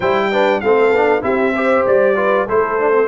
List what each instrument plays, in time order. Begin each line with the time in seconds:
0.00 tuba G3, trombone E4, horn C5, trumpet G5
0.31 trombone D4, horn B4
0.60 tuba A3, trombone C4, horn A4, trumpet F5
0.91 tuba B3, trombone D4
1.22 tuba C4, trombone E4, horn G4, trumpet E5
1.55 trombone G4, horn C5
1.86 tuba G3, trumpet D5
2.15 trombone F4, horn B4
2.47 tuba A3, trombone E4, horn A4, trumpet C5
2.79 trombone D4
2.92 trombone C4